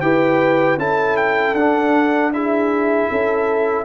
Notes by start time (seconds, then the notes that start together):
0.00 E4 G4 B4 G5
0.77 C#4 E4 A4 A5
1.17 G5
1.53 D4 F#5
2.33 E4 G#4 E5
3.10 C#4 A4